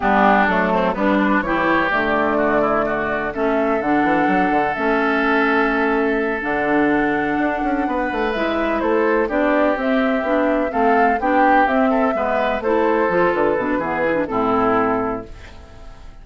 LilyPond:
<<
  \new Staff \with { instrumentName = "flute" } { \time 4/4 \tempo 4 = 126 g'4 a'4 b'4 cis''4 | d''2. e''4 | fis''2 e''2~ | e''4. fis''2~ fis''8~ |
fis''4. e''4 c''4 d''8~ | d''8 e''2 f''4 g''8~ | g''8 e''2 c''4. | b'2 a'2 | }
  \new Staff \with { instrumentName = "oboe" } { \time 4/4 d'4. c'8 b8 d'8 g'4~ | g'4 fis'8 e'8 fis'4 a'4~ | a'1~ | a'1~ |
a'8 b'2 a'4 g'8~ | g'2~ g'8 a'4 g'8~ | g'4 a'8 b'4 a'4.~ | a'4 gis'4 e'2 | }
  \new Staff \with { instrumentName = "clarinet" } { \time 4/4 b4 a4 d'4 e'4 | a2. cis'4 | d'2 cis'2~ | cis'4. d'2~ d'8~ |
d'4. e'2 d'8~ | d'8 c'4 d'4 c'4 d'8~ | d'8 c'4 b4 e'4 f'8~ | f'8 d'8 b8 e'16 d'16 c'2 | }
  \new Staff \with { instrumentName = "bassoon" } { \time 4/4 g4 fis4 g4 e4 | d2. a4 | d8 e8 fis8 d8 a2~ | a4. d2 d'8 |
cis'8 b8 a8 gis4 a4 b8~ | b8 c'4 b4 a4 b8~ | b8 c'4 gis4 a4 f8 | d8 b,8 e4 a,2 | }
>>